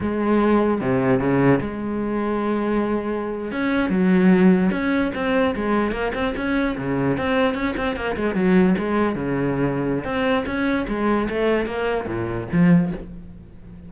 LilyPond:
\new Staff \with { instrumentName = "cello" } { \time 4/4 \tempo 4 = 149 gis2 c4 cis4 | gis1~ | gis8. cis'4 fis2 cis'16~ | cis'8. c'4 gis4 ais8 c'8 cis'16~ |
cis'8. cis4 c'4 cis'8 c'8 ais16~ | ais16 gis8 fis4 gis4 cis4~ cis16~ | cis4 c'4 cis'4 gis4 | a4 ais4 ais,4 f4 | }